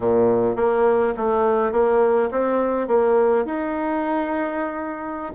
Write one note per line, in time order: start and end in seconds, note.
0.00 0.56 A#2
0.56 1.14 A#3
1.17 1.72 A3
1.72 2.29 A#3
2.31 2.87 C4
2.87 3.45 A#3
3.45 5.32 D#4